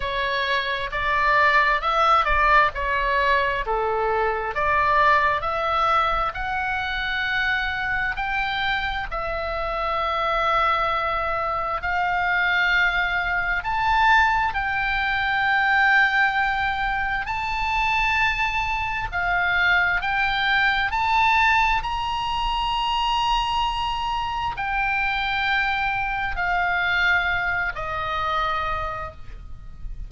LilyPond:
\new Staff \with { instrumentName = "oboe" } { \time 4/4 \tempo 4 = 66 cis''4 d''4 e''8 d''8 cis''4 | a'4 d''4 e''4 fis''4~ | fis''4 g''4 e''2~ | e''4 f''2 a''4 |
g''2. a''4~ | a''4 f''4 g''4 a''4 | ais''2. g''4~ | g''4 f''4. dis''4. | }